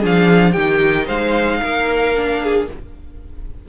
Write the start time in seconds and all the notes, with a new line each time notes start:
0.00 F3 D4 G#4
0.06 F5
0.53 D#3 D#4 G4 G5
1.06 G#3 C5 F5
1.63 A#3 A#4
2.15 D4
2.43 G#4